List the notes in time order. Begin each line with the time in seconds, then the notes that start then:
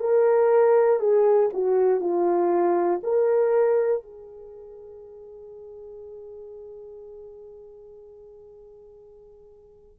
0.00 A#4
1.00 G#4
1.53 F#4
2.00 F4
3.03 A#4
4.03 G#4